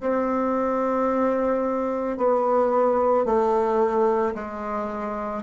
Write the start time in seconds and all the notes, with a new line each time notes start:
0.00 C4
2.17 B3
3.25 A3
4.34 G#3